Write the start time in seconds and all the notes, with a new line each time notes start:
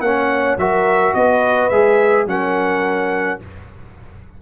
0.00 A#3 C#4 C#5 F#5
0.57 F#3 F#4 A#4 E5
1.14 B3 B4 D#5
1.69 G#3 G#4 E5
2.26 F#3 C#4 A#4 F#5